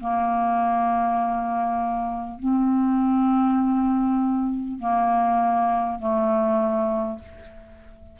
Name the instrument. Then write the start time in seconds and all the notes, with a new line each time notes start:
clarinet
0.00 A#3
2.39 C4
4.79 A#3
5.99 A3